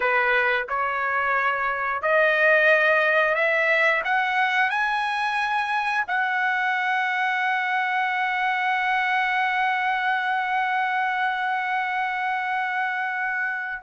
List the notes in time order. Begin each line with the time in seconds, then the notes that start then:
0.00 B4
0.68 C#5
2.01 D#5
3.34 E5
4.04 F#5
4.69 G#5
6.07 F#5